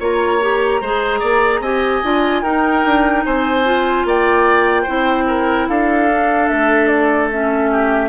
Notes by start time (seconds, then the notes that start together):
0.00 A#3 F4 C#5 A#5
0.41 G4
0.81 G#3 G#4 C5
1.20 A#3 D5
1.60 C4 G4 D#5 G#5
2.04 D4 F4
2.43 D#4 A#4 G5
2.84 D4
3.25 C4 C5 G#5
3.65 F4
4.05 A#3 D5 G5
4.83 C4 E4 C5
5.28 A#4
5.69 D4 A4 F5
6.11 D4
6.49 A3 E5
6.88 D5
7.31 C#4 E5
7.72 G4